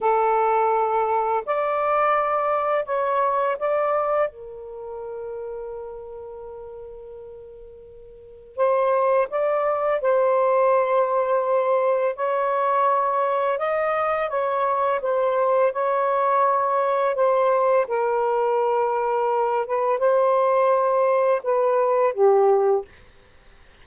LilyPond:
\new Staff \with { instrumentName = "saxophone" } { \time 4/4 \tempo 4 = 84 a'2 d''2 | cis''4 d''4 ais'2~ | ais'1 | c''4 d''4 c''2~ |
c''4 cis''2 dis''4 | cis''4 c''4 cis''2 | c''4 ais'2~ ais'8 b'8 | c''2 b'4 g'4 | }